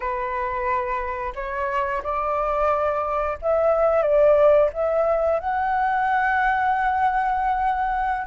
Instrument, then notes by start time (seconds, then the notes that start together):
flute
0.00 B4
1.35 C#5
2.03 D5
3.41 E5
4.02 D5
4.73 E5
5.39 F#5